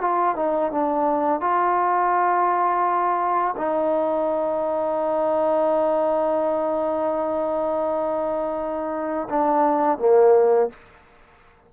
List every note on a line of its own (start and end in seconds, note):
0.00 0.36 F4
0.36 0.71 D#4
0.71 1.40 D4
1.40 3.55 F4
3.56 9.28 D#4
9.29 9.98 D4
9.98 10.69 A#3